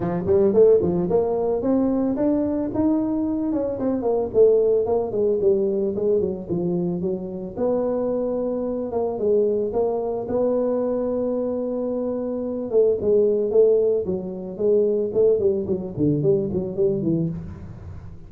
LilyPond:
\new Staff \with { instrumentName = "tuba" } { \time 4/4 \tempo 4 = 111 f8 g8 a8 f8 ais4 c'4 | d'4 dis'4. cis'8 c'8 ais8 | a4 ais8 gis8 g4 gis8 fis8 | f4 fis4 b2~ |
b8 ais8 gis4 ais4 b4~ | b2.~ b8 a8 | gis4 a4 fis4 gis4 | a8 g8 fis8 d8 g8 fis8 g8 e8 | }